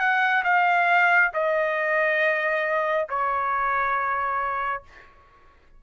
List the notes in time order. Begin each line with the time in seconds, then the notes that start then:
0.00 F#5
0.44 F5
1.34 D#5
3.09 C#5